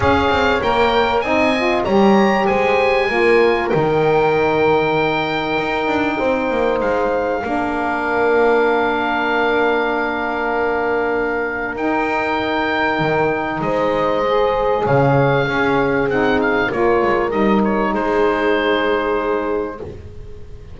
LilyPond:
<<
  \new Staff \with { instrumentName = "oboe" } { \time 4/4 \tempo 4 = 97 f''4 g''4 gis''4 ais''4 | gis''2 g''2~ | g''2. f''4~ | f''1~ |
f''2. g''4~ | g''2 dis''2 | f''2 fis''8 f''8 cis''4 | dis''8 cis''8 c''2. | }
  \new Staff \with { instrumentName = "horn" } { \time 4/4 cis''2 dis''4 cis''4 | c''4 ais'2.~ | ais'2 c''2 | ais'1~ |
ais'1~ | ais'2 c''2 | cis''4 gis'2 ais'4~ | ais'4 gis'2. | }
  \new Staff \with { instrumentName = "saxophone" } { \time 4/4 gis'4 ais'4 dis'8 f'8 g'4~ | g'4 f'4 dis'2~ | dis'1 | d'1~ |
d'2. dis'4~ | dis'2. gis'4~ | gis'4 cis'4 dis'4 f'4 | dis'1 | }
  \new Staff \with { instrumentName = "double bass" } { \time 4/4 cis'8 c'8 ais4 c'4 g4 | gis4 ais4 dis2~ | dis4 dis'8 d'8 c'8 ais8 gis4 | ais1~ |
ais2. dis'4~ | dis'4 dis4 gis2 | cis4 cis'4 c'4 ais8 gis8 | g4 gis2. | }
>>